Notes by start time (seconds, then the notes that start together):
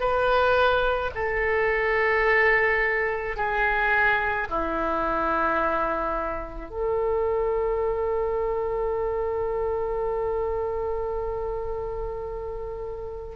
0.00 B4
1.15 A4
3.37 G#4
4.50 E4
6.70 A4